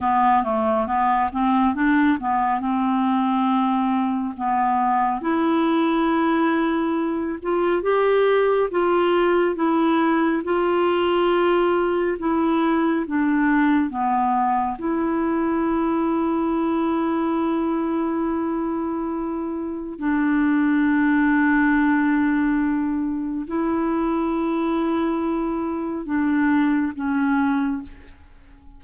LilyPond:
\new Staff \with { instrumentName = "clarinet" } { \time 4/4 \tempo 4 = 69 b8 a8 b8 c'8 d'8 b8 c'4~ | c'4 b4 e'2~ | e'8 f'8 g'4 f'4 e'4 | f'2 e'4 d'4 |
b4 e'2.~ | e'2. d'4~ | d'2. e'4~ | e'2 d'4 cis'4 | }